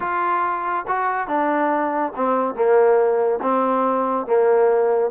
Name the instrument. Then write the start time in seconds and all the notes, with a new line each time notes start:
trombone
0.00 F4
0.87 F#4
1.27 D4
2.15 C4
2.54 A#3
3.42 C4
4.26 A#3